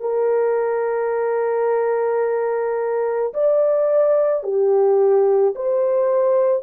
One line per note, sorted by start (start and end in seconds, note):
0.00 3.33 A#4
3.33 4.43 D5
4.43 5.54 G4
5.55 6.63 C5